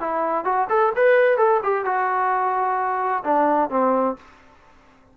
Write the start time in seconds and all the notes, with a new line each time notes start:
0.00 E4
0.44 F#4
0.69 A4
0.95 B4
1.37 A4
1.63 G4
1.85 F#4
3.24 D4
3.70 C4